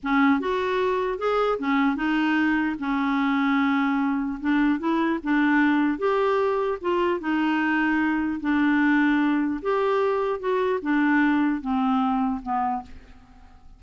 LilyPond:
\new Staff \with { instrumentName = "clarinet" } { \time 4/4 \tempo 4 = 150 cis'4 fis'2 gis'4 | cis'4 dis'2 cis'4~ | cis'2. d'4 | e'4 d'2 g'4~ |
g'4 f'4 dis'2~ | dis'4 d'2. | g'2 fis'4 d'4~ | d'4 c'2 b4 | }